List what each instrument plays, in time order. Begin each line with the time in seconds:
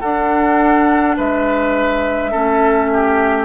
0.00 bassoon D4, clarinet D4, oboe A4, flute F#5
1.17 bassoon G#3, oboe B4, flute E5
2.31 bassoon A3, clarinet C#4, oboe A4
2.93 oboe G4